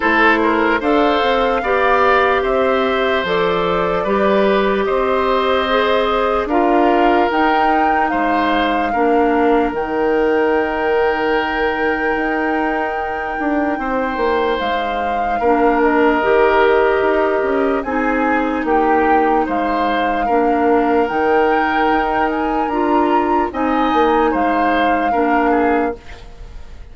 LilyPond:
<<
  \new Staff \with { instrumentName = "flute" } { \time 4/4 \tempo 4 = 74 c''4 f''2 e''4 | d''2 dis''2 | f''4 g''4 f''2 | g''1~ |
g''2 f''4. dis''8~ | dis''2 gis''4 g''4 | f''2 g''4. gis''8 | ais''4 gis''4 f''2 | }
  \new Staff \with { instrumentName = "oboe" } { \time 4/4 a'8 ais'8 c''4 d''4 c''4~ | c''4 b'4 c''2 | ais'2 c''4 ais'4~ | ais'1~ |
ais'4 c''2 ais'4~ | ais'2 gis'4 g'4 | c''4 ais'2.~ | ais'4 dis''4 c''4 ais'8 gis'8 | }
  \new Staff \with { instrumentName = "clarinet" } { \time 4/4 e'4 a'4 g'2 | a'4 g'2 gis'4 | f'4 dis'2 d'4 | dis'1~ |
dis'2. d'4 | g'2 dis'2~ | dis'4 d'4 dis'2 | f'4 dis'2 d'4 | }
  \new Staff \with { instrumentName = "bassoon" } { \time 4/4 a4 d'8 c'8 b4 c'4 | f4 g4 c'2 | d'4 dis'4 gis4 ais4 | dis2. dis'4~ |
dis'8 d'8 c'8 ais8 gis4 ais4 | dis4 dis'8 cis'8 c'4 ais4 | gis4 ais4 dis4 dis'4 | d'4 c'8 ais8 gis4 ais4 | }
>>